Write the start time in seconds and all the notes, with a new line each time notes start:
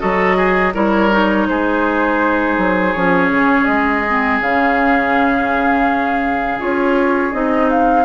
0.00 F#3 F#4 A4 D#5
0.37 G#4
0.74 G3 E4 A#4 C#5
1.12 D#4
1.48 G#3 G#4 C5
2.58 F#3
2.93 F3 C#4 C#5
3.30 C#3
3.65 G#3 D#5
4.08 C4
4.41 C#3 C#4 F5
6.59 C#4 F4 C#5
7.32 C4 D#4 D#5
7.70 F5